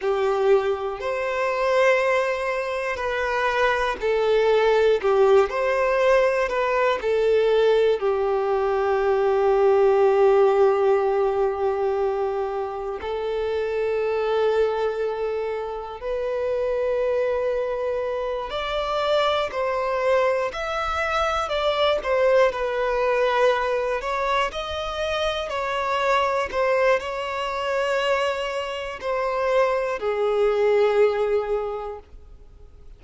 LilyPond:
\new Staff \with { instrumentName = "violin" } { \time 4/4 \tempo 4 = 60 g'4 c''2 b'4 | a'4 g'8 c''4 b'8 a'4 | g'1~ | g'4 a'2. |
b'2~ b'8 d''4 c''8~ | c''8 e''4 d''8 c''8 b'4. | cis''8 dis''4 cis''4 c''8 cis''4~ | cis''4 c''4 gis'2 | }